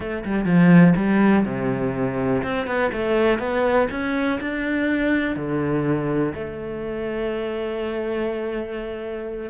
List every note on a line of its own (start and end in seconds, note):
0.00 0.24 A3
0.25 0.45 G3
0.45 0.94 F3
0.96 1.45 G3
1.45 2.43 C3
2.43 2.67 C4
2.67 2.91 B3
2.92 3.38 A3
3.38 3.87 B3
3.90 4.39 C#4
4.40 5.35 D4
5.35 6.33 D3
6.34 9.50 A3